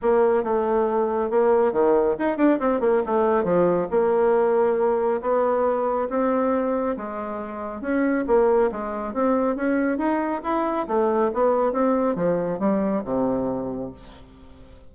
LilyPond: \new Staff \with { instrumentName = "bassoon" } { \time 4/4 \tempo 4 = 138 ais4 a2 ais4 | dis4 dis'8 d'8 c'8 ais8 a4 | f4 ais2. | b2 c'2 |
gis2 cis'4 ais4 | gis4 c'4 cis'4 dis'4 | e'4 a4 b4 c'4 | f4 g4 c2 | }